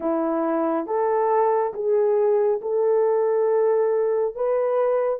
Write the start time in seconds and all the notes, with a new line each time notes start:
0.00 E4
0.86 A4
1.73 G#4
2.61 A4
4.35 B4